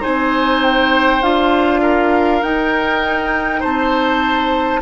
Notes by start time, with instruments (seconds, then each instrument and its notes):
0.00 bassoon C4, clarinet D#4, oboe C5, flute G#5
0.63 flute G5
1.21 bassoon D4, clarinet F4, flute F5
1.81 oboe A#4
2.41 clarinet D#4, bassoon D#4, flute G5
3.60 bassoon C4, oboe C5, flute A5